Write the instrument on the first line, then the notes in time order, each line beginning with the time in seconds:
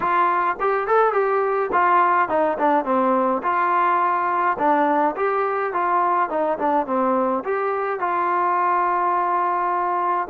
trombone
0.00 F4
0.59 G4
0.87 A4
1.12 G4
1.72 F4
2.29 D#4
2.58 D4
2.84 C4
3.42 F4
4.58 D4
5.16 G4
5.73 F4
6.29 D#4
6.58 D4
6.86 C4
7.44 G4
7.99 F4